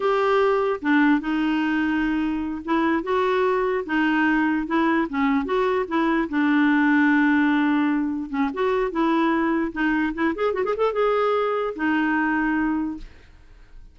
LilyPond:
\new Staff \with { instrumentName = "clarinet" } { \time 4/4 \tempo 4 = 148 g'2 d'4 dis'4~ | dis'2~ dis'8 e'4 fis'8~ | fis'4. dis'2 e'8~ | e'8 cis'4 fis'4 e'4 d'8~ |
d'1~ | d'8 cis'8 fis'4 e'2 | dis'4 e'8 gis'8 fis'16 gis'16 a'8 gis'4~ | gis'4 dis'2. | }